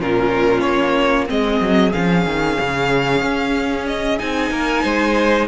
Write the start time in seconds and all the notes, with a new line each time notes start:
0.00 A#2 C#4 F4 A#4
0.61 A#3 C#5
1.27 G#3 C4 G#4 D#5
1.61 F#3
1.93 F3 C#4 F5
2.26 D#3
2.60 C#3
3.22 C#4
3.87 D#5
4.19 C4 D#4 G#5
4.51 A#3 A#4
4.83 G#3 C5